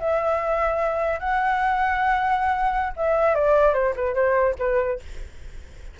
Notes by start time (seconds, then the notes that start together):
0.00 E5
1.20 F#5
2.97 E5
3.35 D5
3.74 C5
3.96 B4
4.15 C5
4.59 B4